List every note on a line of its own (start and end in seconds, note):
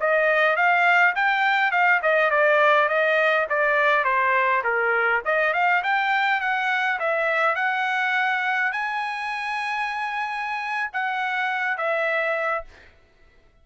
0.00 0.56 D#5
0.56 1.14 F5
1.15 1.71 G5
1.71 2.00 F5
2.02 2.30 D#5
2.30 2.88 D5
2.88 3.47 D#5
3.49 4.04 D5
4.04 4.62 C5
4.64 5.22 A#4
5.25 5.53 D#5
5.53 5.82 F5
5.83 6.40 G5
6.40 6.98 F#5
6.99 7.55 E5
7.55 8.72 F#5
8.72 10.90 G#5
10.93 11.77 F#5
11.77 12.64 E5